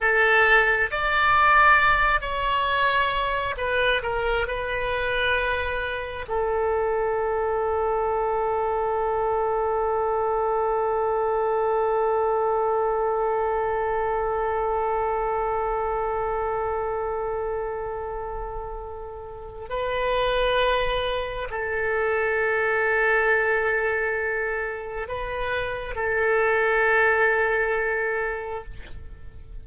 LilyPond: \new Staff \with { instrumentName = "oboe" } { \time 4/4 \tempo 4 = 67 a'4 d''4. cis''4. | b'8 ais'8 b'2 a'4~ | a'1~ | a'1~ |
a'1~ | a'2 b'2 | a'1 | b'4 a'2. | }